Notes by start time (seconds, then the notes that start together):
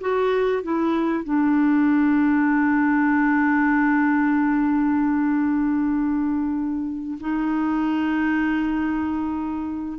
0.00 F#4
0.62 E4
1.24 D4
7.20 D#4